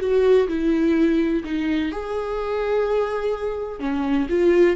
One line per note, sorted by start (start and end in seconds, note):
0.00 0.48 F#4
0.48 1.44 E4
1.44 1.92 D#4
1.92 3.80 G#4
3.80 4.27 C#4
4.30 4.76 F4